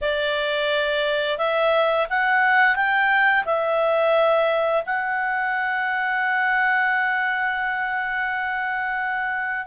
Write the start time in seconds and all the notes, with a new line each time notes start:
0.01 D5
1.38 E5
2.09 F#5
2.75 G5
3.45 E5
4.86 F#5